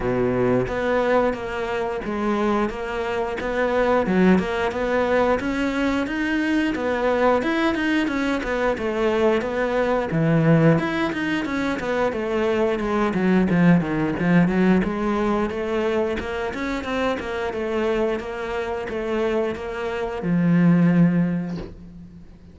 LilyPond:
\new Staff \with { instrumentName = "cello" } { \time 4/4 \tempo 4 = 89 b,4 b4 ais4 gis4 | ais4 b4 fis8 ais8 b4 | cis'4 dis'4 b4 e'8 dis'8 | cis'8 b8 a4 b4 e4 |
e'8 dis'8 cis'8 b8 a4 gis8 fis8 | f8 dis8 f8 fis8 gis4 a4 | ais8 cis'8 c'8 ais8 a4 ais4 | a4 ais4 f2 | }